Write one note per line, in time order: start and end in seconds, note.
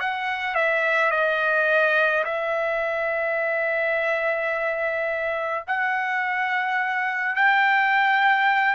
0.00 0.55 F#5
0.55 1.11 E5
1.11 2.24 D#5
2.24 5.64 E5
5.67 7.35 F#5
7.35 8.75 G5